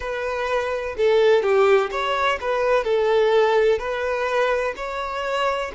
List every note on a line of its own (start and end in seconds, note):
0.00 0.95 B4
0.97 1.42 A4
1.42 1.90 G4
1.90 2.38 C#5
2.40 2.84 B4
2.84 3.78 A4
3.78 4.74 B4
4.76 5.71 C#5